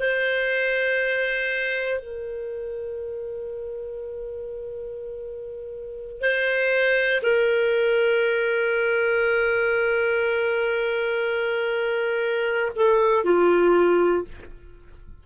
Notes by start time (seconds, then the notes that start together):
0.00 C5
2.00 A#4
6.21 C5
7.23 A#4
12.76 A4
13.25 F4